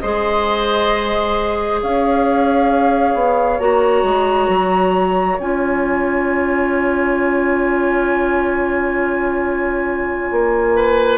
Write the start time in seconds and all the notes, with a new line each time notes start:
0.00 G#3 G#4 C5 D#5
1.81 C#4 C#5 F5
3.14 B3
3.59 A#3 F#4 A#5
4.03 G#3
4.48 F#3
5.39 C#4 F4 G#5
10.31 A#3
10.76 B4